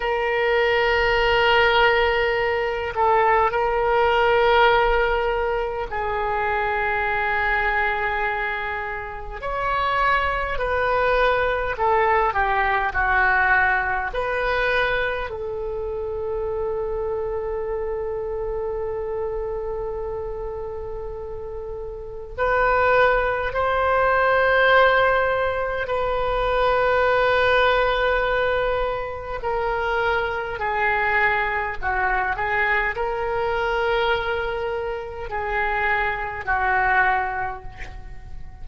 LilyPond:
\new Staff \with { instrumentName = "oboe" } { \time 4/4 \tempo 4 = 51 ais'2~ ais'8 a'8 ais'4~ | ais'4 gis'2. | cis''4 b'4 a'8 g'8 fis'4 | b'4 a'2.~ |
a'2. b'4 | c''2 b'2~ | b'4 ais'4 gis'4 fis'8 gis'8 | ais'2 gis'4 fis'4 | }